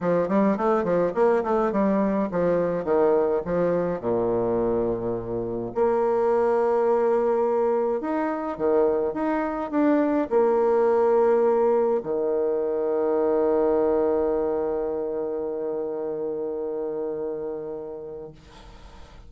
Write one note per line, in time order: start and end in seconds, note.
0.00 0.28 F3
0.28 0.57 G3
0.57 0.84 A3
0.84 1.12 F3
1.14 1.43 A#3
1.43 1.72 A3
1.72 2.29 G3
2.31 2.84 F3
2.84 3.41 D#3
3.45 4.00 F3
4.00 5.71 A#2
5.75 8.01 A#3
8.01 8.57 D#4
8.57 9.13 D#3
9.13 9.70 D#4
9.70 10.28 D4
10.30 12.01 A#3
12.03 18.31 D#3